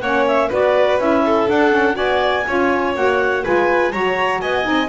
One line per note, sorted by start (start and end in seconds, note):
0.00 0.50 A#3
0.00 0.51 C#4
0.00 0.48 C#5
0.00 0.24 F#5
0.27 0.51 E5
0.48 0.98 B3
0.48 0.99 F#4
0.48 1.22 B4
0.48 1.00 D5
0.98 1.47 C#4
0.98 1.47 E4
0.98 1.48 E5
1.25 1.96 A4
1.47 1.71 D4
1.47 1.97 D4
1.47 1.96 F#5
1.71 1.94 C#4
1.94 2.46 B3
1.94 2.43 F#4
1.94 2.44 D5
1.94 2.94 G#5
2.46 2.95 C#4
2.46 2.95 F4
2.46 3.44 C#5
2.95 3.44 A#3
2.95 3.43 F#4
2.95 3.44 F#5
3.43 3.93 G#3
3.43 3.92 F4
3.43 3.92 B4
3.43 3.91 G#5
3.91 4.42 F#3
3.91 4.63 F#4
3.91 4.40 C#5
3.91 4.40 A#5
4.40 4.66 B3
4.40 4.89 D#5
4.40 4.89 G#5
4.63 4.89 C4
4.63 4.87 D#4